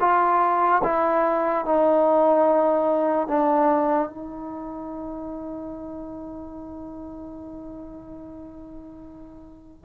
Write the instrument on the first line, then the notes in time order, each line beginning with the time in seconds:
trombone
0.00 F4
0.84 E4
1.66 D#4
3.28 D4
4.09 D#4